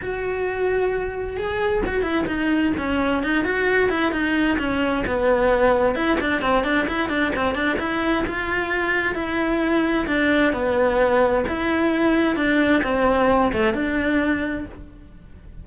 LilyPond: \new Staff \with { instrumentName = "cello" } { \time 4/4 \tempo 4 = 131 fis'2. gis'4 | fis'8 e'8 dis'4 cis'4 dis'8 fis'8~ | fis'8 e'8 dis'4 cis'4 b4~ | b4 e'8 d'8 c'8 d'8 e'8 d'8 |
c'8 d'8 e'4 f'2 | e'2 d'4 b4~ | b4 e'2 d'4 | c'4. a8 d'2 | }